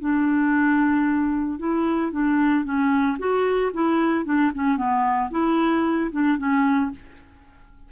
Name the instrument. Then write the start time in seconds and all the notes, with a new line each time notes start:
clarinet
0.00 D4
1.59 E4
2.12 D4
2.64 C#4
3.19 F#4
3.73 E4
4.25 D4
4.54 C#4
4.77 B3
5.30 E4
6.11 D4
6.38 C#4